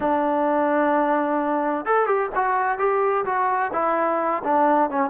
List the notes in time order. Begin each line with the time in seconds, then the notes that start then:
0.00 D4
1.85 A4
2.06 G4
2.35 F#4
2.78 G4
3.25 F#4
3.73 E4
4.43 D4
4.90 C#4